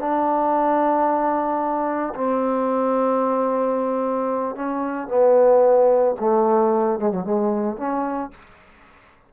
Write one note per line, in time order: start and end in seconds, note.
0.00 2.14 D4
2.15 4.56 C4
4.56 5.08 C#4
5.08 6.15 B3
6.20 7.00 A3
7.00 7.11 G#3
7.11 7.24 F#3
7.24 7.77 G#3
7.77 8.31 C#4